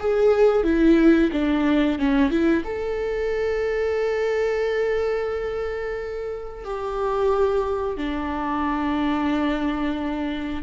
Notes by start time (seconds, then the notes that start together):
0.00 G#4
0.64 E4
1.32 D4
1.99 C#4
2.31 E4
2.65 A4
6.65 G4
7.97 D4